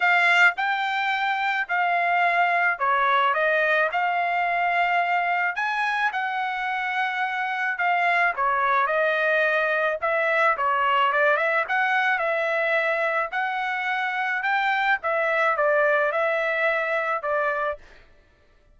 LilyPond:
\new Staff \with { instrumentName = "trumpet" } { \time 4/4 \tempo 4 = 108 f''4 g''2 f''4~ | f''4 cis''4 dis''4 f''4~ | f''2 gis''4 fis''4~ | fis''2 f''4 cis''4 |
dis''2 e''4 cis''4 | d''8 e''8 fis''4 e''2 | fis''2 g''4 e''4 | d''4 e''2 d''4 | }